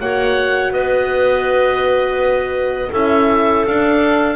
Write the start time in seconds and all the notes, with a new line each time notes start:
0.00 A#3 F#4 C#5 F#5
0.70 B3 B4 D#5
2.90 C#4 E4 A4 E5
3.65 D4 F5